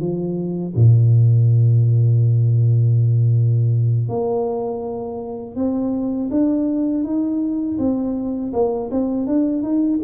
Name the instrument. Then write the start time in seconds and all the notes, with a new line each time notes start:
tuba
0.00 F3
0.75 A#2
4.09 A#3
5.56 C4
6.31 D4
7.04 D#4
7.78 C4
8.53 A#3
8.91 C4
9.27 D4
9.63 D#4